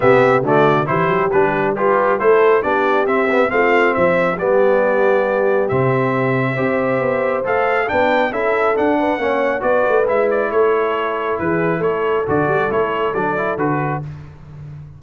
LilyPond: <<
  \new Staff \with { instrumentName = "trumpet" } { \time 4/4 \tempo 4 = 137 e''4 d''4 c''4 b'4 | g'4 c''4 d''4 e''4 | f''4 e''4 d''2~ | d''4 e''2.~ |
e''4 f''4 g''4 e''4 | fis''2 d''4 e''8 d''8 | cis''2 b'4 cis''4 | d''4 cis''4 d''4 b'4 | }
  \new Staff \with { instrumentName = "horn" } { \time 4/4 g'4 fis'4 g'2 | b'4 a'4 g'2 | f'4 c''4 g'2~ | g'2. c''4~ |
c''2 b'4 a'4~ | a'8 b'8 cis''4 b'2 | a'2 gis'4 a'4~ | a'1 | }
  \new Staff \with { instrumentName = "trombone" } { \time 4/4 b4 a4 e'4 d'4 | f'4 e'4 d'4 c'8 b8 | c'2 b2~ | b4 c'2 g'4~ |
g'4 a'4 d'4 e'4 | d'4 cis'4 fis'4 e'4~ | e'1 | fis'4 e'4 d'8 e'8 fis'4 | }
  \new Staff \with { instrumentName = "tuba" } { \time 4/4 c4 d4 e8 fis8 g4~ | g4 a4 b4 c'4 | a4 f4 g2~ | g4 c2 c'4 |
b4 a4 b4 cis'4 | d'4 ais4 b8 a8 gis4 | a2 e4 a4 | d8 g8 a4 fis4 d4 | }
>>